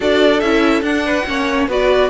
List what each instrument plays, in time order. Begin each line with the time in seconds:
0.00 cello D4, viola F#4, violin A4 D5
0.40 cello C#4, viola E4, violin E5
0.82 cello D4, viola D4, violin F#5
1.05 violin B4
1.25 cello A#3, viola C#4, violin C#5
1.68 cello B3, viola F#4, violin B4 D5